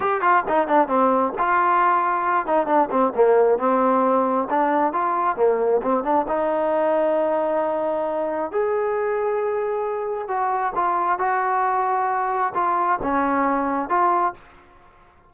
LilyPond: \new Staff \with { instrumentName = "trombone" } { \time 4/4 \tempo 4 = 134 g'8 f'8 dis'8 d'8 c'4 f'4~ | f'4. dis'8 d'8 c'8 ais4 | c'2 d'4 f'4 | ais4 c'8 d'8 dis'2~ |
dis'2. gis'4~ | gis'2. fis'4 | f'4 fis'2. | f'4 cis'2 f'4 | }